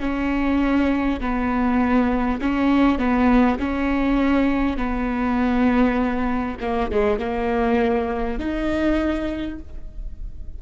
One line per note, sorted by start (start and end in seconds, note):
0.00 1.20 C#4
1.21 2.41 B3
2.41 2.99 C#4
2.99 3.59 B3
3.59 4.77 C#4
4.77 6.57 B3
6.61 6.91 A#3
6.91 7.19 G#3
7.19 8.39 A#3
8.39 9.59 D#4